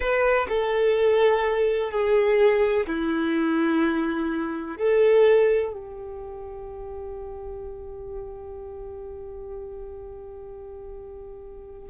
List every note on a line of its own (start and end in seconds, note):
0.00 0.47 B4
0.48 1.90 A4
1.90 2.86 G#4
2.87 4.77 E4
4.77 5.72 A4
5.72 11.89 G4